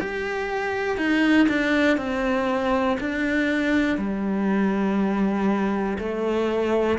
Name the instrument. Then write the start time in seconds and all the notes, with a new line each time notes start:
cello
0.00 G4
0.97 D#4
1.49 D4
1.97 C4
3.00 D4
3.98 G3
5.98 A3